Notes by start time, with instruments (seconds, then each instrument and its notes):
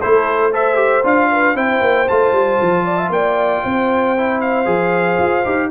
0.00 tuba A3, trombone E4, horn A4, trumpet C5
0.52 trombone A4, horn C5, trumpet E5
0.76 trombone G4
1.04 tuba D4, trombone F4, trumpet F5
1.31 horn B4
1.55 tuba C4, trombone E4, horn C5, trumpet G5
1.81 tuba A#3
2.09 tuba A3, trombone F4, trumpet A5
2.33 tuba G3
2.62 tuba F3
2.85 horn D5
2.98 horn E5
3.10 tuba A#3, horn D5, trumpet G5
3.64 tuba C4, horn C5
4.18 trombone E4
4.41 trumpet F5
4.66 tuba F3, trombone G#4
5.19 tuba F4
5.45 tuba D#4, trombone G4